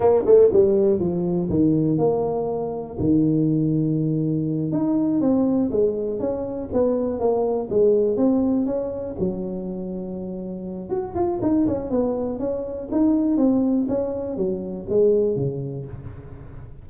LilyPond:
\new Staff \with { instrumentName = "tuba" } { \time 4/4 \tempo 4 = 121 ais8 a8 g4 f4 dis4 | ais2 dis2~ | dis4. dis'4 c'4 gis8~ | gis8 cis'4 b4 ais4 gis8~ |
gis8 c'4 cis'4 fis4.~ | fis2 fis'8 f'8 dis'8 cis'8 | b4 cis'4 dis'4 c'4 | cis'4 fis4 gis4 cis4 | }